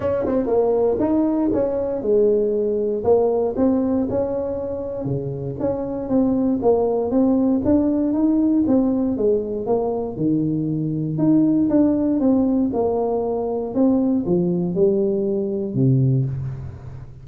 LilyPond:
\new Staff \with { instrumentName = "tuba" } { \time 4/4 \tempo 4 = 118 cis'8 c'8 ais4 dis'4 cis'4 | gis2 ais4 c'4 | cis'2 cis4 cis'4 | c'4 ais4 c'4 d'4 |
dis'4 c'4 gis4 ais4 | dis2 dis'4 d'4 | c'4 ais2 c'4 | f4 g2 c4 | }